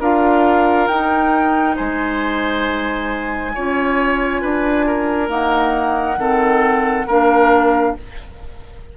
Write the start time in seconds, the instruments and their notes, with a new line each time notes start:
0.00 bassoon D4, clarinet F4, oboe A#4, flute F5
0.87 bassoon D#4, clarinet D#4, flute G5
1.76 bassoon G#3, oboe C5, flute G#5
3.54 bassoon C#4, clarinet F4, oboe C#5
4.42 bassoon D4, oboe B4
4.87 oboe A#4
5.28 clarinet A#3, bassoon D#4, flute F#5
6.17 bassoon D#3, clarinet C4, oboe A4
7.06 bassoon A#3, clarinet D4, oboe A#4, flute F5